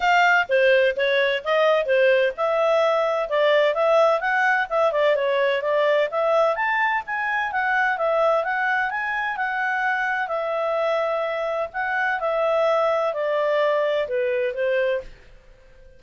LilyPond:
\new Staff \with { instrumentName = "clarinet" } { \time 4/4 \tempo 4 = 128 f''4 c''4 cis''4 dis''4 | c''4 e''2 d''4 | e''4 fis''4 e''8 d''8 cis''4 | d''4 e''4 a''4 gis''4 |
fis''4 e''4 fis''4 gis''4 | fis''2 e''2~ | e''4 fis''4 e''2 | d''2 b'4 c''4 | }